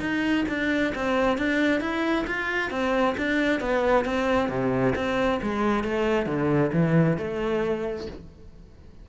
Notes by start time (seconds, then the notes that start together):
0.00 D#4
0.48 D4
0.95 C4
1.38 D4
1.81 E4
2.27 F4
2.70 C4
3.17 D4
3.60 B3
4.05 C4
4.49 C3
4.95 C4
5.42 G#3
5.84 A3
6.26 D3
6.72 E3
7.17 A3